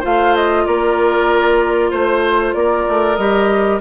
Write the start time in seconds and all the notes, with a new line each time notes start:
0.00 A3 F4 C5 F5
0.36 D#5
0.65 A#3 A#4 D5
1.91 A3 C5
2.54 A#3 A#4 D5
2.88 A3
3.16 G3 G4 D#5